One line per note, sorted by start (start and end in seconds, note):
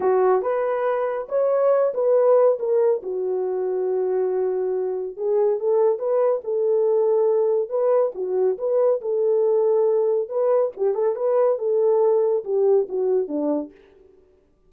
0.00 0.41 F#4
0.41 1.27 B4
1.29 1.93 C#5
1.94 2.58 B4
2.59 3.02 A#4
3.02 5.16 F#4
5.16 5.59 G#4
5.59 5.98 A4
5.98 6.41 B4
6.44 7.69 A4
7.69 8.12 B4
8.14 8.57 F#4
8.58 9.00 B4
9.01 10.29 A4
10.29 10.71 B4
10.76 10.94 G4
10.94 11.15 A4
11.15 11.58 B4
11.58 12.44 A4
12.44 12.87 G4
12.88 13.28 F#4
13.28 13.71 D4